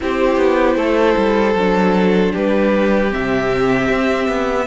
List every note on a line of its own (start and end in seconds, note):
0.00 0.37 C4
0.00 1.54 E4
0.00 0.76 G4
0.00 2.35 C5
0.37 0.76 B3
0.76 1.15 A3
0.76 2.32 A4
1.17 1.54 G3
1.54 2.32 F#3
1.54 3.09 D4
2.32 3.14 G3
2.32 4.66 G4
2.32 3.13 B4
3.09 3.88 C3
3.09 4.65 C4
3.09 4.66 E5
3.88 4.27 C4
4.28 4.66 B3